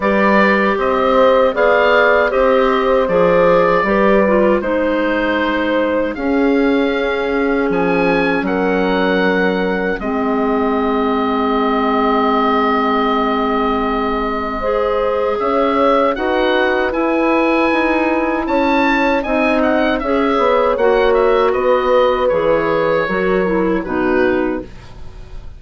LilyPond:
<<
  \new Staff \with { instrumentName = "oboe" } { \time 4/4 \tempo 4 = 78 d''4 dis''4 f''4 dis''4 | d''2 c''2 | f''2 gis''4 fis''4~ | fis''4 dis''2.~ |
dis''1 | e''4 fis''4 gis''2 | a''4 gis''8 fis''8 e''4 fis''8 e''8 | dis''4 cis''2 b'4 | }
  \new Staff \with { instrumentName = "horn" } { \time 4/4 b'4 c''4 d''4 c''4~ | c''4 b'4 c''2 | gis'2. ais'4~ | ais'4 gis'2.~ |
gis'2. c''4 | cis''4 b'2. | cis''4 dis''4 cis''2 | b'2 ais'4 fis'4 | }
  \new Staff \with { instrumentName = "clarinet" } { \time 4/4 g'2 gis'4 g'4 | gis'4 g'8 f'8 dis'2 | cis'1~ | cis'4 c'2.~ |
c'2. gis'4~ | gis'4 fis'4 e'2~ | e'4 dis'4 gis'4 fis'4~ | fis'4 gis'4 fis'8 e'8 dis'4 | }
  \new Staff \with { instrumentName = "bassoon" } { \time 4/4 g4 c'4 b4 c'4 | f4 g4 gis2 | cis'2 f4 fis4~ | fis4 gis2.~ |
gis1 | cis'4 dis'4 e'4 dis'4 | cis'4 c'4 cis'8 b8 ais4 | b4 e4 fis4 b,4 | }
>>